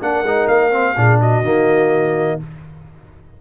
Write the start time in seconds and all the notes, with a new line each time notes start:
0.00 A#3 D4 A#4 F#5
0.22 G#3 D#4
0.47 A#3 F5
0.71 C4
0.96 A#2 D4 G#4
1.19 F#4 D#5
1.42 D#3 A#3